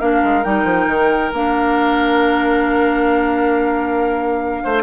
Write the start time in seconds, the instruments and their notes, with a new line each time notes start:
0.00 bassoon A#3, clarinet D4, oboe A#4, flute F5
0.24 bassoon G#3
0.44 bassoon G3, clarinet D#4, flute G5
0.64 bassoon F3
0.87 bassoon D#3
1.33 bassoon A#3, clarinet D4, flute F5
4.64 bassoon A3, oboe C5